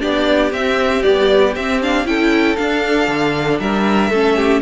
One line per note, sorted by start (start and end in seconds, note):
0.00 0.52 B3
0.00 0.51 D4
0.00 2.05 G4
0.00 0.52 D5
0.52 1.03 C4
0.52 1.03 E5
1.03 1.54 G3
1.03 1.56 B3
1.03 1.54 D5
1.55 2.05 C4
1.55 1.82 C4
1.55 1.81 E5
1.82 2.05 D4
1.82 2.07 F5
2.05 2.57 C#4
2.05 2.57 E4
2.05 3.62 A4
2.05 2.56 G5
2.56 4.11 D4
2.56 3.08 D4
2.56 3.59 F5
3.08 3.59 D3
3.59 4.10 G3
3.59 4.11 A#4
3.59 4.62 E5
4.10 4.62 A3
4.10 4.62 C#4
4.10 4.36 A4
4.36 4.62 G4